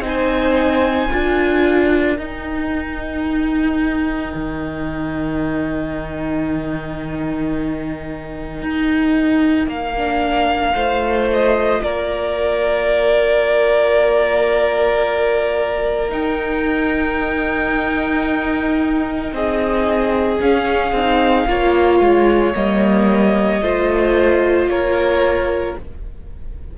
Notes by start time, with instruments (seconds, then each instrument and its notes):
0.00 cello C4, viola D#4, violin G#5
0.06 violin C5
1.10 cello D4, viola F4, violin A#4
2.18 cello D#4, viola D#4, violin G5
4.34 cello D#3
8.62 cello D#4
9.67 cello A#3, violin F5
9.97 viola D4
10.74 cello A3, viola F4, violin C5
11.32 violin D#5
11.82 cello A#3, violin A#4 D5
16.09 viola D#4, cello D#4, violin G5
19.32 cello C4, violin G#4 D#5
20.41 cello C#4, viola C#4, violin F5
20.92 cello C4, viola D#4
21.47 cello A#3, viola F4, violin C#5
22.00 cello G#3
22.54 cello G3, viola A#3, violin D#5
23.61 cello A3, viola F4, violin C5
24.67 cello A#3, violin A#4 C#5